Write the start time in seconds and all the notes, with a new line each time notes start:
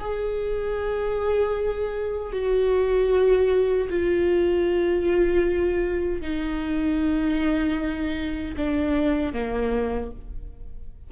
0.00 G#4
2.33 F#4
3.90 F4
6.22 D#4
8.57 D4
9.33 A#3